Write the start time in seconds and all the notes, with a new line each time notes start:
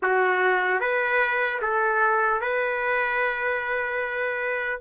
0.02 F#4
0.80 B4
1.61 A4
2.41 B4